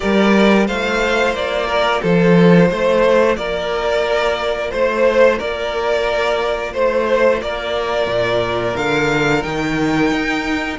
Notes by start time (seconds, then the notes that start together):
0.00 G3 G4 A#4 D5
0.66 A3 F4 C5 F5
1.33 A#3 D5
1.67 A#4
2.01 F3 A4 C5
2.70 A3 C5
3.36 A#3 A#4 D5
4.70 A3 C5
5.37 A#3 A#4 D5
6.72 A3 C5
7.41 A#3 A#4 D5
8.06 A#2
8.76 D3 F5
9.42 D#3 D#4 G5
10.11 D#4